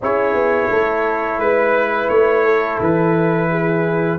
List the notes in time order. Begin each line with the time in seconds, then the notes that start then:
0.01 C#4 E4 G#4 C#5
0.33 B3
0.69 A3 A4
1.39 G#3 B4
2.09 A3 C#5
2.44 A4
2.80 E3 B4
3.50 G#4